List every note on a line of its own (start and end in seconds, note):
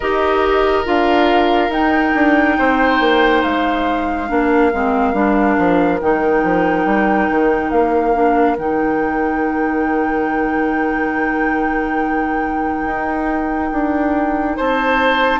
0.00 0.86 D#4
0.00 0.84 G4
0.00 2.56 A#4
0.00 0.86 D#5
0.84 1.69 D4
0.84 1.70 F4
0.84 1.72 F5
1.69 2.11 D#4
1.69 4.28 D#4
1.69 3.42 G5
2.14 2.57 D4
2.58 3.00 C4
2.58 4.29 C5
3.00 3.42 A#3
3.42 4.29 G#3
3.42 6.00 F5
4.28 4.72 A#3
4.28 4.71 D4
4.28 14.56 A#4
4.73 5.13 G#3
4.73 5.13 C4
5.13 5.56 G3
5.13 5.99 D4
5.58 6.01 F3
6.00 6.43 D#3
6.00 8.13 D#4
6.00 7.70 G5
6.43 6.85 F3
6.85 7.28 G3
7.29 7.71 D#3
7.70 8.57 A#3
7.70 8.56 F5
8.13 8.56 D4
8.57 12.85 D#3
8.57 15.40 D#4
8.57 14.58 G5
12.85 13.71 D#4
13.71 14.57 D4
14.56 15.40 C4
14.56 15.40 C5
14.56 15.40 A5